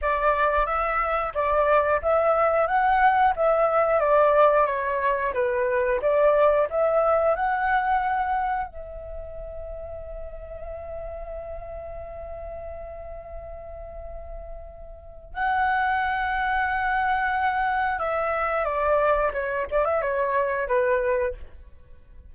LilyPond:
\new Staff \with { instrumentName = "flute" } { \time 4/4 \tempo 4 = 90 d''4 e''4 d''4 e''4 | fis''4 e''4 d''4 cis''4 | b'4 d''4 e''4 fis''4~ | fis''4 e''2.~ |
e''1~ | e''2. fis''4~ | fis''2. e''4 | d''4 cis''8 d''16 e''16 cis''4 b'4 | }